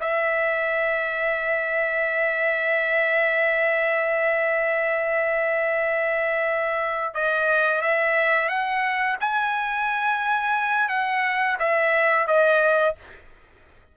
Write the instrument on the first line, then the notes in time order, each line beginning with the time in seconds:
trumpet
0.00 E5
7.14 D#5
7.81 E5
8.49 F#5
9.20 G#5
10.89 F#5
11.59 E5
12.27 D#5